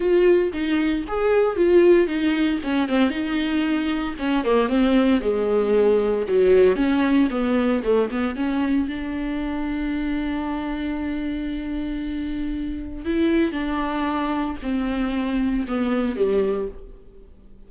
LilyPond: \new Staff \with { instrumentName = "viola" } { \time 4/4 \tempo 4 = 115 f'4 dis'4 gis'4 f'4 | dis'4 cis'8 c'8 dis'2 | cis'8 ais8 c'4 gis2 | fis4 cis'4 b4 a8 b8 |
cis'4 d'2.~ | d'1~ | d'4 e'4 d'2 | c'2 b4 g4 | }